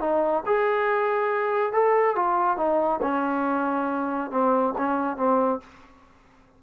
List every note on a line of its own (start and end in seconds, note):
0.00 0.43 D#4
0.46 1.73 G#4
1.73 2.16 A4
2.16 2.57 F4
2.57 3.00 D#4
3.02 4.31 C#4
4.31 4.74 C4
4.77 5.17 C#4
5.17 5.60 C4